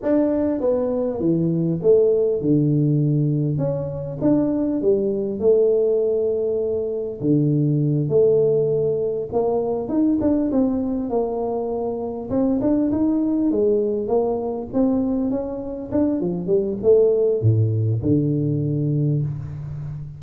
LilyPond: \new Staff \with { instrumentName = "tuba" } { \time 4/4 \tempo 4 = 100 d'4 b4 e4 a4 | d2 cis'4 d'4 | g4 a2. | d4. a2 ais8~ |
ais8 dis'8 d'8 c'4 ais4.~ | ais8 c'8 d'8 dis'4 gis4 ais8~ | ais8 c'4 cis'4 d'8 f8 g8 | a4 a,4 d2 | }